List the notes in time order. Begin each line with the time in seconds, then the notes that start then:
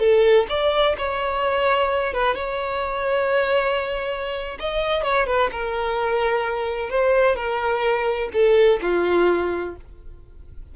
0.00 A4
0.49 D5
0.98 C#5
2.14 B4
2.35 C#5
4.60 D#5
5.03 C#5
5.27 B4
5.52 A#4
6.90 C5
7.36 A#4
8.33 A4
8.82 F4